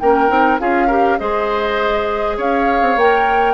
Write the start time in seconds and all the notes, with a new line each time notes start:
0.00 A#3 C#4 A#4 G5
0.29 C4 D#4
0.60 C#4 F4 G#4 F5
0.87 G4 A#4
1.19 G#3 G#4 C5 D#5
2.37 C#4 C#5 F5
2.82 C4
2.96 A#3 A#4 G5